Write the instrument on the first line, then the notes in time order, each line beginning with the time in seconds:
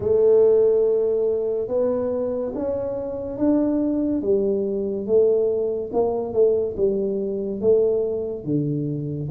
tuba
0.00 A3
1.67 B3
2.55 C#4
3.37 D4
4.21 G3
5.06 A3
5.92 A#3
6.33 A3
6.76 G3
7.61 A3
8.44 D3